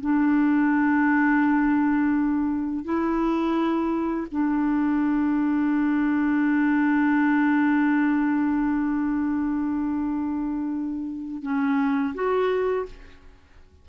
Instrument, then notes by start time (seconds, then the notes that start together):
clarinet
0.00 D4
2.84 E4
4.31 D4
11.42 C#4
12.14 F#4